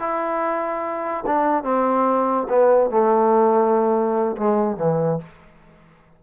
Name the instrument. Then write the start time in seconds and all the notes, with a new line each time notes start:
trombone
0.00 E4
1.27 D4
1.64 C4
2.50 B3
2.91 A3
4.37 G#3
4.77 E3